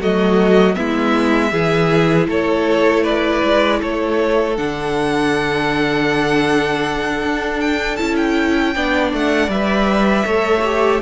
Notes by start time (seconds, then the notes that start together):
0.00 F#3 A3 F#4 D#5
0.75 G#3 B3 E4 E5
1.51 E3 E4 G#4
2.28 A3 A4 C#5
3.03 B4 D5
3.44 G#3
3.81 A3 A4 C#5
4.57 D3 D4 F#5
7.23 D4
7.61 G5
7.97 C#4 E4 A5
8.16 G5
8.75 B3 D4 D5
9.13 A3 F#5
9.48 G3 B4 E5
10.25 A3 A4 C#5
10.65 G4